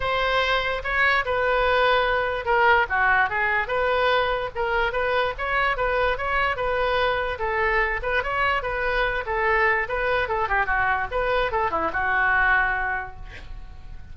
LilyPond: \new Staff \with { instrumentName = "oboe" } { \time 4/4 \tempo 4 = 146 c''2 cis''4 b'4~ | b'2 ais'4 fis'4 | gis'4 b'2 ais'4 | b'4 cis''4 b'4 cis''4 |
b'2 a'4. b'8 | cis''4 b'4. a'4. | b'4 a'8 g'8 fis'4 b'4 | a'8 e'8 fis'2. | }